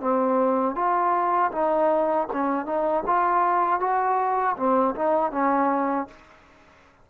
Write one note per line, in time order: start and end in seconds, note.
0.00 0.75 C4
0.75 1.51 F4
1.52 2.28 D#4
2.33 2.65 C#4
2.65 3.03 D#4
3.06 3.80 F4
3.80 4.56 F#4
4.57 4.95 C4
4.95 5.31 D#4
5.31 6.07 C#4